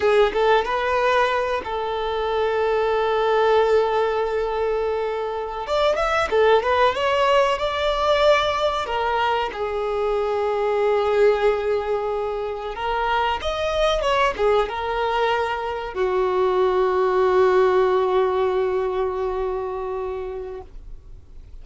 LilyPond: \new Staff \with { instrumentName = "violin" } { \time 4/4 \tempo 4 = 93 gis'8 a'8 b'4. a'4.~ | a'1~ | a'8. d''8 e''8 a'8 b'8 cis''4 d''16~ | d''4.~ d''16 ais'4 gis'4~ gis'16~ |
gis'2.~ gis'8. ais'16~ | ais'8. dis''4 cis''8 gis'8 ais'4~ ais'16~ | ais'8. fis'2.~ fis'16~ | fis'1 | }